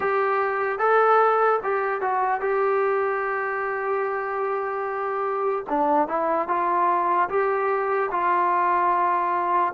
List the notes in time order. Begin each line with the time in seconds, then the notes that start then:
0.00 G4
0.79 A4
1.63 G4
2.01 F#4
2.40 G4
5.69 D4
6.08 E4
6.48 F4
7.29 G4
8.11 F4